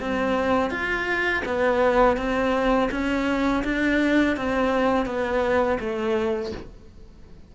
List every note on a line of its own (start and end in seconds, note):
0.00 0.70 C4
0.70 1.43 F4
1.45 2.17 B3
2.17 2.89 C4
2.91 3.63 C#4
3.64 4.36 D4
4.36 5.05 C4
5.05 5.78 B3
5.79 6.52 A3